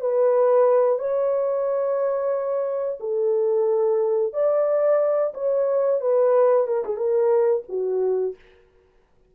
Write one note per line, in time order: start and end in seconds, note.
0.00 0.98 B4
0.98 2.98 C#5
3.00 4.33 A4
4.33 5.33 D5
5.34 6.00 C#5
6.00 6.67 B4
6.67 6.84 A#4
6.85 6.96 G#4
6.96 7.63 A#4
7.68 8.35 F#4